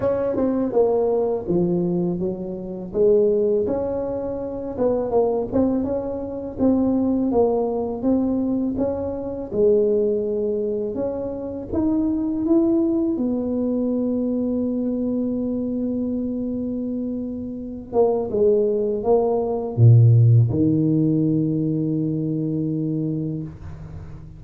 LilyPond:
\new Staff \with { instrumentName = "tuba" } { \time 4/4 \tempo 4 = 82 cis'8 c'8 ais4 f4 fis4 | gis4 cis'4. b8 ais8 c'8 | cis'4 c'4 ais4 c'4 | cis'4 gis2 cis'4 |
dis'4 e'4 b2~ | b1~ | b8 ais8 gis4 ais4 ais,4 | dis1 | }